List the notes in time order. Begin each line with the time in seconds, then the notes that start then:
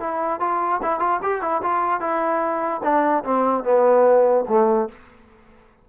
0.00 E4
0.40 F4
0.82 E4
1.00 F4
1.22 G4
1.42 E4
1.62 F4
2.00 E4
2.83 D4
3.24 C4
3.64 B3
4.48 A3